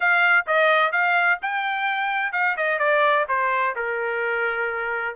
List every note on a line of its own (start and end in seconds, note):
0.00 0.45 F5
0.46 0.92 D#5
0.92 1.38 F5
1.41 2.32 G5
2.32 2.55 F5
2.57 2.78 D#5
2.78 3.25 D5
3.28 3.75 C5
3.75 5.15 A#4